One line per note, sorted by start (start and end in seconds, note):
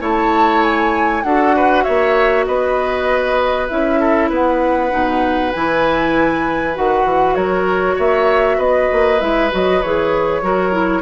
0.00 1.23 A3
0.00 1.22 E4
0.00 1.23 C#5
0.00 0.63 A5
0.63 1.23 G#5
1.23 1.85 D4
1.23 3.69 F#4
1.23 1.55 A4
1.23 1.83 F#5
1.55 1.84 B4
1.83 2.47 A#3
1.83 2.45 C#5
1.83 2.44 E5
2.45 3.69 B3
2.45 4.00 B4
2.45 3.67 D#5
3.68 4.30 C#4
3.68 4.90 E4
3.68 4.29 E5
4.00 4.29 A4
4.29 4.91 B3
4.29 7.35 B4
4.29 5.52 F#5
4.90 5.53 B2
4.90 5.51 D#4
5.52 6.77 E3
5.52 6.74 E4
5.52 6.75 G#5
6.74 7.05 D#3
6.74 9.19 F#4
6.74 7.35 F#5
7.05 7.35 E3
7.35 7.96 F#3
7.35 7.95 A#4
7.35 7.96 C#5
7.95 8.57 A#3
7.95 8.57 C#5
7.95 8.60 E5
8.57 8.88 B3
8.57 10.41 B4
8.57 9.21 D#5
8.92 9.21 A#3
9.19 9.51 G#3
9.19 9.50 E4
9.19 9.51 E5
9.50 9.83 F#3
9.50 9.81 F#4
9.50 9.82 D#5
9.82 10.42 E3
9.82 10.42 G#4
9.82 11.02 C#5
10.42 11.02 F#3
10.42 10.71 F#4
10.42 11.02 A#4
10.71 11.02 E4